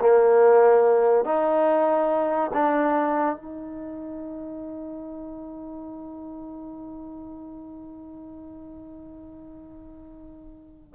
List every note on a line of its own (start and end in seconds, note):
0.00 1.24 A#3
1.24 2.51 D#4
2.53 3.36 D4
3.36 10.94 D#4